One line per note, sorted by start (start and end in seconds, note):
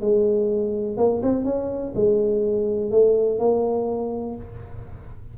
0.00 0.97 G#3
0.97 1.21 A#3
1.22 1.44 C4
1.44 1.92 C#4
1.95 2.91 G#3
2.91 3.38 A3
3.38 4.35 A#3